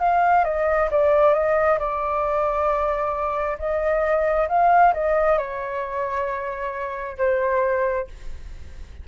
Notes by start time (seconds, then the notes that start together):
0.00 F5
0.45 D#5
0.91 D5
1.34 D#5
1.79 D5
3.59 D#5
4.49 F5
4.94 D#5
5.38 C#5
7.18 C5